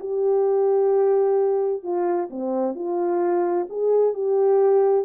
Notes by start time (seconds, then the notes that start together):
0.00 G4
1.83 F4
2.30 C4
2.75 F4
3.70 G#4
4.14 G4